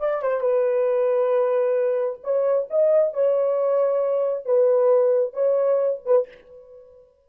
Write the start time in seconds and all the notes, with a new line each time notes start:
0.00 D5
0.22 C5
0.41 B4
2.23 C#5
2.70 D#5
3.14 C#5
4.46 B4
5.34 C#5
6.06 B4